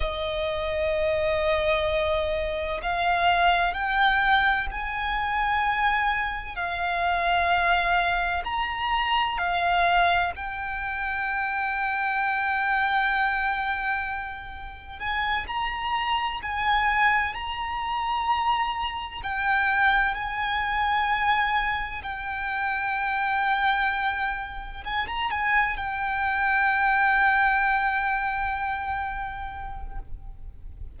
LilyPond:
\new Staff \with { instrumentName = "violin" } { \time 4/4 \tempo 4 = 64 dis''2. f''4 | g''4 gis''2 f''4~ | f''4 ais''4 f''4 g''4~ | g''1 |
gis''8 ais''4 gis''4 ais''4.~ | ais''8 g''4 gis''2 g''8~ | g''2~ g''8 gis''16 ais''16 gis''8 g''8~ | g''1 | }